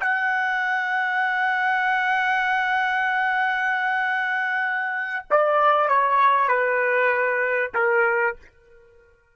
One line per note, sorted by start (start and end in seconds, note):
0.00 5.26 F#5
5.30 5.88 D5
5.88 6.48 C#5
6.48 7.72 B4
7.74 8.36 A#4